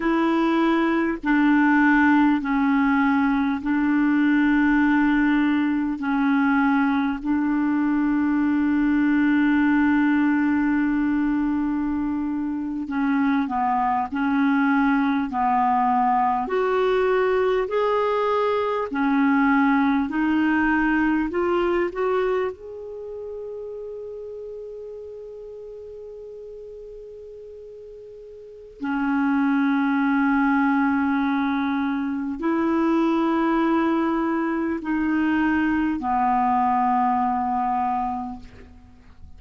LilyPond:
\new Staff \with { instrumentName = "clarinet" } { \time 4/4 \tempo 4 = 50 e'4 d'4 cis'4 d'4~ | d'4 cis'4 d'2~ | d'2~ d'8. cis'8 b8 cis'16~ | cis'8. b4 fis'4 gis'4 cis'16~ |
cis'8. dis'4 f'8 fis'8 gis'4~ gis'16~ | gis'1 | cis'2. e'4~ | e'4 dis'4 b2 | }